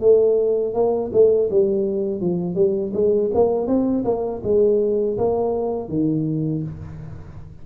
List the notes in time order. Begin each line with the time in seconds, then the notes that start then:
0.00 A3
0.73 A#3
1.12 A3
1.50 G3
2.21 F3
2.55 G3
2.93 G#3
3.34 A#3
3.67 C4
4.04 A#3
4.43 G#3
5.18 A#3
5.89 D#3